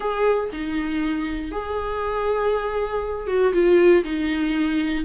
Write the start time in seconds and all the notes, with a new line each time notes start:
0.00 G#4
0.52 D#4
1.51 G#4
3.27 F#4
3.53 F4
4.04 D#4